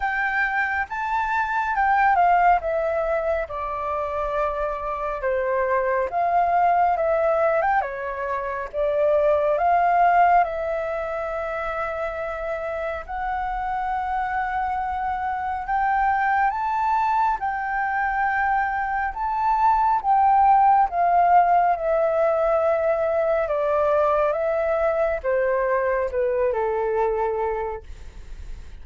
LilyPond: \new Staff \with { instrumentName = "flute" } { \time 4/4 \tempo 4 = 69 g''4 a''4 g''8 f''8 e''4 | d''2 c''4 f''4 | e''8. g''16 cis''4 d''4 f''4 | e''2. fis''4~ |
fis''2 g''4 a''4 | g''2 a''4 g''4 | f''4 e''2 d''4 | e''4 c''4 b'8 a'4. | }